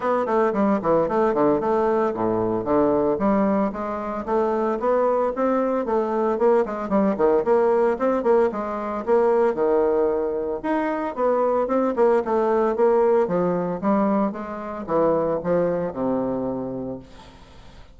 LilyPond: \new Staff \with { instrumentName = "bassoon" } { \time 4/4 \tempo 4 = 113 b8 a8 g8 e8 a8 d8 a4 | a,4 d4 g4 gis4 | a4 b4 c'4 a4 | ais8 gis8 g8 dis8 ais4 c'8 ais8 |
gis4 ais4 dis2 | dis'4 b4 c'8 ais8 a4 | ais4 f4 g4 gis4 | e4 f4 c2 | }